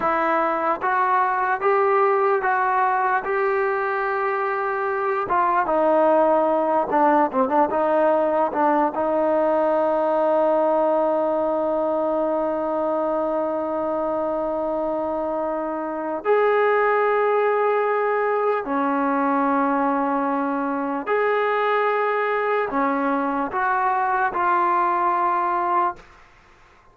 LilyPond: \new Staff \with { instrumentName = "trombone" } { \time 4/4 \tempo 4 = 74 e'4 fis'4 g'4 fis'4 | g'2~ g'8 f'8 dis'4~ | dis'8 d'8 c'16 d'16 dis'4 d'8 dis'4~ | dis'1~ |
dis'1 | gis'2. cis'4~ | cis'2 gis'2 | cis'4 fis'4 f'2 | }